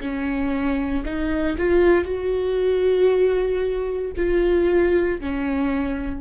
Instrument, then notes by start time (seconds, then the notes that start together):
viola
0.00 C#4
1.04 D#4
1.58 F4
2.05 F#4
4.16 F4
5.20 C#4